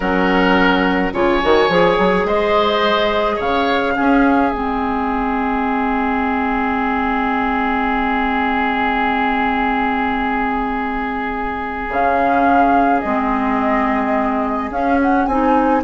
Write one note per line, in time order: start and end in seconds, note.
0.00 1.11 F#3
0.00 1.13 C#4
0.00 1.13 A#4
0.00 1.12 F#5
1.13 1.42 C#3
1.13 1.41 F4
1.13 2.26 C#5
1.13 2.27 G#5
1.42 1.68 D#3
1.42 1.69 F#4
1.68 1.97 F3
1.68 3.95 G#4
1.98 2.25 F#3
2.25 3.38 G#3
2.25 3.36 C5
2.25 3.40 D#5
3.36 3.96 C#3
3.36 3.92 C#5
3.36 4.53 F5
3.95 4.51 C#4
3.95 4.52 C#4
3.95 15.83 G#4
4.52 11.88 G#3
4.52 11.89 C4
4.52 11.88 D#5
11.88 13.02 C#3
11.88 13.03 C#4
11.88 13.00 F5
13.00 14.70 G#3
13.00 14.72 C4
13.00 14.70 D#5
14.70 15.26 C#4
14.70 15.28 C#4
14.70 15.00 F5
15.02 15.25 F#5
15.25 15.83 C4
15.25 15.83 D#4
15.25 15.82 G#5